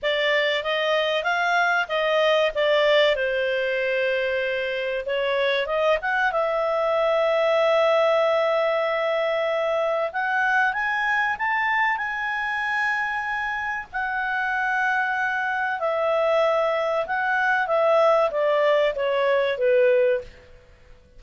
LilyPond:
\new Staff \with { instrumentName = "clarinet" } { \time 4/4 \tempo 4 = 95 d''4 dis''4 f''4 dis''4 | d''4 c''2. | cis''4 dis''8 fis''8 e''2~ | e''1 |
fis''4 gis''4 a''4 gis''4~ | gis''2 fis''2~ | fis''4 e''2 fis''4 | e''4 d''4 cis''4 b'4 | }